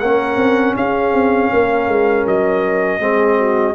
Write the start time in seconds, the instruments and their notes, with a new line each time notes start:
0.00 tuba A#3, trombone C#4, horn A#4, trumpet F#5
0.37 tuba C4
0.77 tuba C#4, horn G#4, trumpet F5
1.14 tuba C4
1.52 tuba A#3, horn A#4
1.88 tuba G#3
2.26 tuba F#3, trumpet D#5
3.00 tuba G#3, trombone C4, horn G#4
3.38 horn F#4